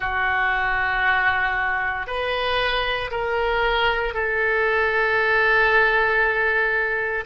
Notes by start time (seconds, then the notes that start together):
0.00 F#4
2.06 B4
3.10 A#4
4.14 A4